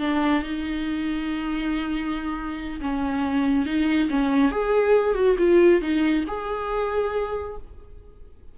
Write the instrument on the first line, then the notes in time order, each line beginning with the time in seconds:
viola
0.00 D4
0.43 D#4
2.81 C#4
3.66 D#4
4.10 C#4
4.52 G#4
5.15 F#4
5.38 F4
5.81 D#4
6.28 G#4